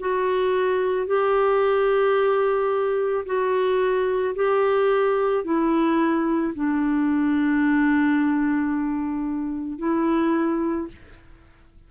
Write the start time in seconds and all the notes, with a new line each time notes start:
0.00 F#4
1.07 G4
3.26 F#4
4.35 G4
5.44 E4
6.55 D4
9.78 E4